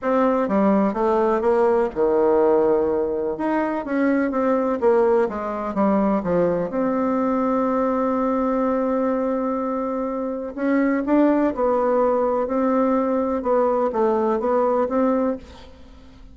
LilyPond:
\new Staff \with { instrumentName = "bassoon" } { \time 4/4 \tempo 4 = 125 c'4 g4 a4 ais4 | dis2. dis'4 | cis'4 c'4 ais4 gis4 | g4 f4 c'2~ |
c'1~ | c'2 cis'4 d'4 | b2 c'2 | b4 a4 b4 c'4 | }